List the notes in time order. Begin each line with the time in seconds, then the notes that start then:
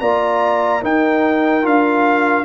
0.00 A#3 F4 D5 A#5
0.81 D#4 A#4 G5
1.62 D4 F4 F5